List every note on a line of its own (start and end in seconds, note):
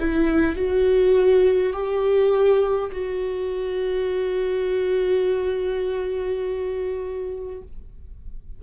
0.00 0.56 E4
0.56 1.73 F#4
1.73 2.91 G4
2.91 7.62 F#4